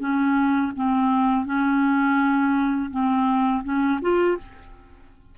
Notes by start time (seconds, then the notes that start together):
0.00 C#4
0.76 C4
1.46 C#4
2.91 C4
3.64 C#4
4.02 F4